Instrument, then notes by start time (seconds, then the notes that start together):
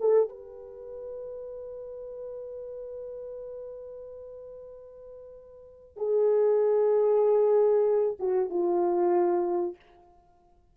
horn
0.00 A4
0.29 B4
5.96 G#4
8.19 F#4
8.49 F4